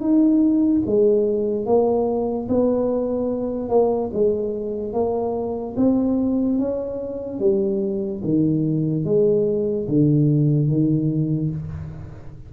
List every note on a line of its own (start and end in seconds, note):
0.00 0.82 D#4
0.86 1.66 G#3
1.66 2.48 A#3
2.48 3.69 B3
3.69 4.10 A#3
4.13 4.93 G#3
4.93 5.75 A#3
5.76 6.58 C4
6.58 7.39 C#4
7.39 8.22 G3
8.24 9.05 D#3
9.05 9.87 G#3
9.88 10.68 D3
10.68 11.50 D#3